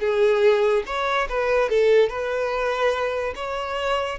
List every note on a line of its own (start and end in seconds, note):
0.00 0.83 G#4
0.86 1.28 C#5
1.29 1.69 B4
1.69 2.09 A4
2.09 3.34 B4
3.35 4.19 C#5